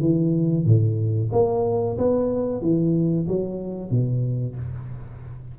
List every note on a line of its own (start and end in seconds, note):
0.00 0.65 E3
0.65 1.30 A2
1.32 1.97 A#3
1.97 2.61 B3
2.61 3.26 E3
3.28 3.90 F#3
3.90 4.55 B2